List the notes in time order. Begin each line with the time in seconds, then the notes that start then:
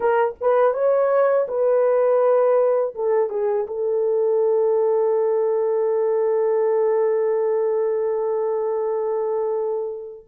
0.00 A#4
0.40 B4
0.73 C#5
1.48 B4
2.95 A4
3.29 G#4
3.67 A4